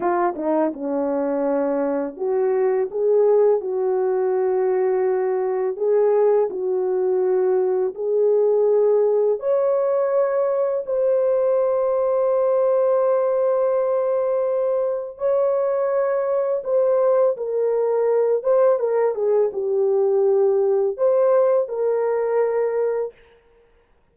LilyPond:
\new Staff \with { instrumentName = "horn" } { \time 4/4 \tempo 4 = 83 f'8 dis'8 cis'2 fis'4 | gis'4 fis'2. | gis'4 fis'2 gis'4~ | gis'4 cis''2 c''4~ |
c''1~ | c''4 cis''2 c''4 | ais'4. c''8 ais'8 gis'8 g'4~ | g'4 c''4 ais'2 | }